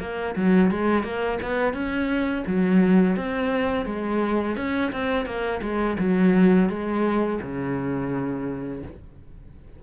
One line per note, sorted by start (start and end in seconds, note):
0.00 0.35 A#3
0.36 0.71 F#3
0.71 1.04 G#3
1.04 1.39 A#3
1.42 1.74 B3
1.74 2.44 C#4
2.47 3.16 F#3
3.16 3.86 C4
3.86 4.56 G#3
4.56 4.92 C#4
4.92 5.26 C4
5.26 5.61 A#3
5.62 5.97 G#3
5.99 6.70 F#3
6.70 7.40 G#3
7.42 8.83 C#3